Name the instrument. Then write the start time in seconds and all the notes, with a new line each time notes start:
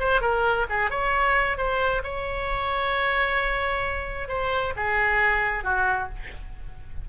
oboe
0.00 C5
0.21 A#4
0.70 G#4
0.91 C#5
1.58 C5
2.04 C#5
4.29 C5
4.77 G#4
5.64 F#4